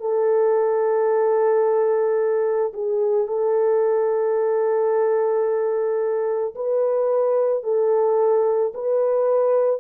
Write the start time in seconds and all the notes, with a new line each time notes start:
0.00 A4
2.73 G#4
3.27 A4
6.55 B4
7.64 A4
8.74 B4